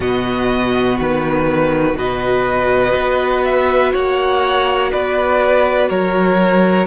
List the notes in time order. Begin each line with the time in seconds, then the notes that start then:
0.00 B2 B3 F#4 D#5
0.99 D#3 B4
1.95 B2 F#4 B4 D#5
2.94 B3
3.44 E5
3.92 A#3 C#5 F#5
4.91 B3 B4 D5
5.89 F#3 A#4 C#5